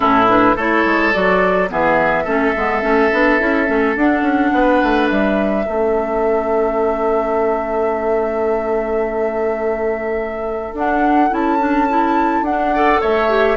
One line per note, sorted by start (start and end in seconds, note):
0.00 0.56 A2
0.00 0.27 C#4
0.00 0.56 E4
0.00 0.28 A4
0.28 0.56 D4
0.28 0.57 B4
0.56 0.84 A3
0.56 1.13 E4
0.56 1.69 A4
0.56 1.12 C#5
0.85 1.14 G#3
1.12 1.71 F#3
1.12 1.69 F#4
1.12 1.69 D5
1.69 2.25 E3
1.69 2.25 B3
1.69 2.23 G#4
1.69 3.96 E5
2.23 2.54 A3
2.23 2.54 C#4
2.23 4.50 A4
2.56 2.82 G#3
2.56 2.82 B3
2.82 3.10 A3
2.82 3.10 C#4
3.12 3.40 B3
3.12 3.39 D4
3.39 3.68 C#4
3.39 3.67 E4
3.67 3.96 A3
3.67 3.95 C#4
3.96 4.21 D4
3.96 5.65 D4
3.96 5.08 F#5
4.21 4.49 C#4
4.53 4.81 B3
4.53 5.65 B4
4.83 5.10 A3
5.08 5.67 G3
5.08 10.74 E5
5.65 10.73 A3
5.65 10.75 C#4
5.65 12.73 A4
10.73 11.29 D4
10.73 11.30 D4
10.73 11.33 F#5
11.30 12.41 C#4
11.30 11.58 E4
11.30 12.44 A5
11.59 11.87 D4
11.89 12.45 E4
12.41 12.98 D4
12.41 13.01 F#5
12.48 12.75 D4
12.73 13.29 A4
12.73 13.00 D5
13.00 13.56 A3
13.00 13.56 C#5
13.00 13.56 E5
13.29 13.56 G4